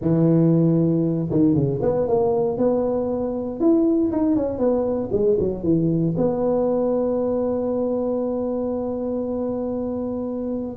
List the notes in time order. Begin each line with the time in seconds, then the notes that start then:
0.01 E3
1.30 D#3
1.54 C#3
1.82 B3
2.07 A#3
2.57 B3
3.60 E4
4.12 D#4
4.36 C#4
4.58 B3
5.11 G#3
5.39 F#3
5.63 E3
6.17 B3